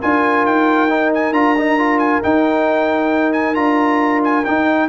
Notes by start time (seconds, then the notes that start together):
0.00 D4 F4 A#4 G#5
0.45 D#4 G5
0.89 D#4
1.14 G#5
1.32 D4 F4 A#5
1.58 D#4
1.79 F4
1.99 G#5
2.23 D#4 G5
3.33 G#5
3.55 D4 F4 A#5
4.24 G#5
4.45 D#4 G5